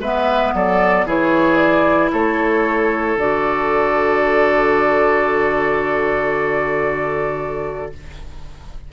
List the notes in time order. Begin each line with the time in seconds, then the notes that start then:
0.00 G#3 B3 B4 E5
0.54 F#3 A4 D5
1.06 E3 E4 G#4 C#5
1.57 D5
2.12 A3 A4 C#5
3.17 D3 F#4 D5